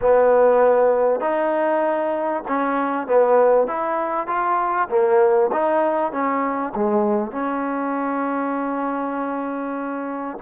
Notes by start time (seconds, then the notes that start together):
0.01 B3
1.20 D#4
2.48 C#4
3.07 B3
3.67 E4
4.27 F4
4.89 A#3
5.52 D#4
6.12 C#4
6.75 G#3
7.31 C#4